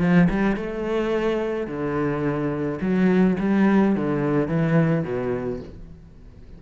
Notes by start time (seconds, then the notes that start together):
0.00 F3
0.30 G3
0.56 A3
1.67 D3
2.81 F#3
3.39 G3
3.95 D3
4.48 E3
5.03 B2